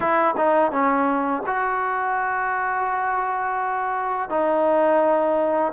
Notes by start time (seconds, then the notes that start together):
0.00 E4
0.37 D#4
0.71 C#4
1.46 F#4
4.29 D#4